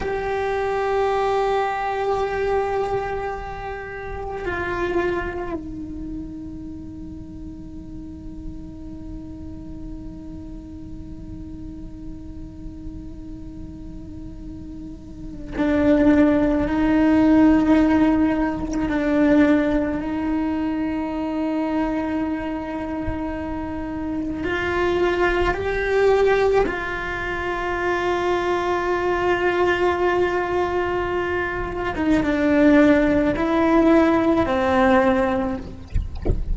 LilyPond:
\new Staff \with { instrumentName = "cello" } { \time 4/4 \tempo 4 = 54 g'1 | f'4 dis'2.~ | dis'1~ | dis'2 d'4 dis'4~ |
dis'4 d'4 dis'2~ | dis'2 f'4 g'4 | f'1~ | f'8. dis'16 d'4 e'4 c'4 | }